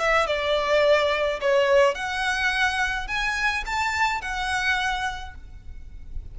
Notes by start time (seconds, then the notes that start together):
0.00 E5
0.27 D5
1.42 C#5
1.95 F#5
3.08 G#5
3.66 A5
4.22 F#5